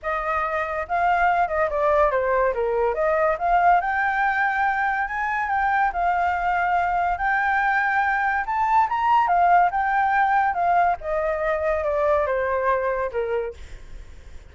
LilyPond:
\new Staff \with { instrumentName = "flute" } { \time 4/4 \tempo 4 = 142 dis''2 f''4. dis''8 | d''4 c''4 ais'4 dis''4 | f''4 g''2. | gis''4 g''4 f''2~ |
f''4 g''2. | a''4 ais''4 f''4 g''4~ | g''4 f''4 dis''2 | d''4 c''2 ais'4 | }